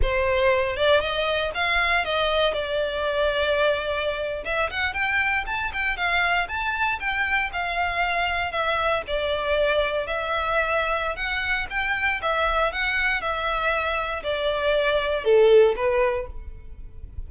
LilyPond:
\new Staff \with { instrumentName = "violin" } { \time 4/4 \tempo 4 = 118 c''4. d''8 dis''4 f''4 | dis''4 d''2.~ | d''8. e''8 fis''8 g''4 a''8 g''8 f''16~ | f''8. a''4 g''4 f''4~ f''16~ |
f''8. e''4 d''2 e''16~ | e''2 fis''4 g''4 | e''4 fis''4 e''2 | d''2 a'4 b'4 | }